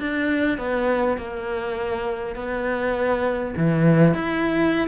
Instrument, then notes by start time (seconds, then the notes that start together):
cello
0.00 D4
0.59 B3
1.18 A#3
2.36 B3
3.58 E3
4.14 E4